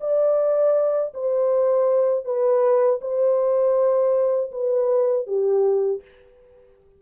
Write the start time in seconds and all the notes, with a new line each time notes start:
0.00 D5
1.14 C5
2.24 B4
3.01 C5
4.51 B4
5.26 G4